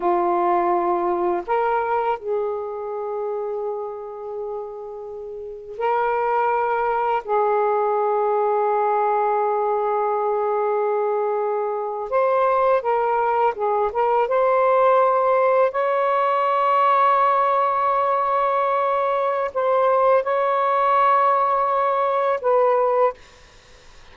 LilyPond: \new Staff \with { instrumentName = "saxophone" } { \time 4/4 \tempo 4 = 83 f'2 ais'4 gis'4~ | gis'1 | ais'2 gis'2~ | gis'1~ |
gis'8. c''4 ais'4 gis'8 ais'8 c''16~ | c''4.~ c''16 cis''2~ cis''16~ | cis''2. c''4 | cis''2. b'4 | }